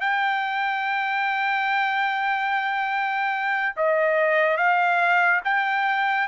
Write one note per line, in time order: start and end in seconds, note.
0.00 3.75 G5
3.76 4.57 D#5
4.57 5.41 F5
5.44 6.27 G5